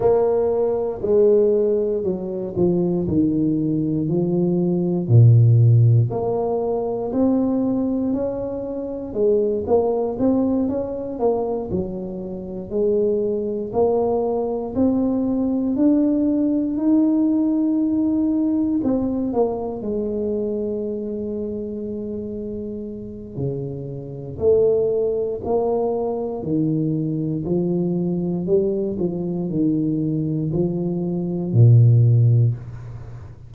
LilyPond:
\new Staff \with { instrumentName = "tuba" } { \time 4/4 \tempo 4 = 59 ais4 gis4 fis8 f8 dis4 | f4 ais,4 ais4 c'4 | cis'4 gis8 ais8 c'8 cis'8 ais8 fis8~ | fis8 gis4 ais4 c'4 d'8~ |
d'8 dis'2 c'8 ais8 gis8~ | gis2. cis4 | a4 ais4 dis4 f4 | g8 f8 dis4 f4 ais,4 | }